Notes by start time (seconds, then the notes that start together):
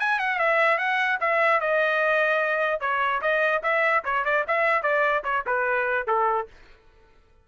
0.00 G#5
0.20 F#5
0.39 E5
0.78 F#5
1.21 E5
1.61 D#5
2.81 C#5
3.22 D#5
3.63 E5
4.05 C#5
4.25 D5
4.48 E5
4.83 D5
5.24 C#5
5.47 B4
6.07 A4